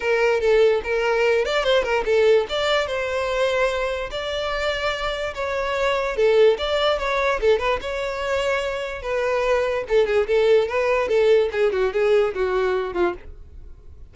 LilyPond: \new Staff \with { instrumentName = "violin" } { \time 4/4 \tempo 4 = 146 ais'4 a'4 ais'4. d''8 | c''8 ais'8 a'4 d''4 c''4~ | c''2 d''2~ | d''4 cis''2 a'4 |
d''4 cis''4 a'8 b'8 cis''4~ | cis''2 b'2 | a'8 gis'8 a'4 b'4 a'4 | gis'8 fis'8 gis'4 fis'4. f'8 | }